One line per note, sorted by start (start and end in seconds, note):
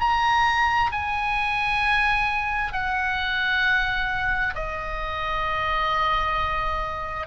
0.00 0.91 A#5
0.92 2.73 G#5
2.73 4.55 F#5
4.55 7.27 D#5